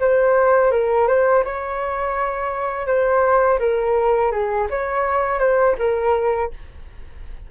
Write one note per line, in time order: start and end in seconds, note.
0.00 0.71 C5
0.71 1.07 A#4
1.07 1.44 C5
1.44 2.87 C#5
2.87 3.59 C5
3.59 4.31 A#4
4.31 4.68 G#4
4.70 5.39 C#5
5.39 5.75 C5
5.79 6.51 A#4